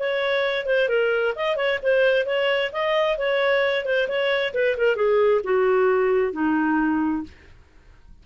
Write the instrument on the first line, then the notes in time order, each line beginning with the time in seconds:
clarinet
0.00 C#5
0.66 C5
0.89 A#4
1.36 D#5
1.57 C#5
1.83 C5
2.26 C#5
2.73 D#5
3.18 C#5
3.86 C5
4.08 C#5
4.54 B4
4.78 A#4
4.96 G#4
5.44 F#4
6.33 D#4